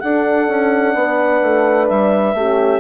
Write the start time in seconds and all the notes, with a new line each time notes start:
0.00 D4 A4 F#5
0.48 C#4
0.94 B3 B4
1.42 A3
1.88 G3 E5
2.34 A3 C#4 G4